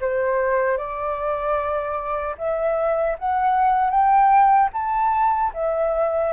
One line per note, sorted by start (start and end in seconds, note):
0.00 0.77 C5
0.77 2.35 D5
2.38 3.17 E5
3.18 3.90 F#5
3.90 4.69 G5
4.73 5.52 A5
5.54 6.32 E5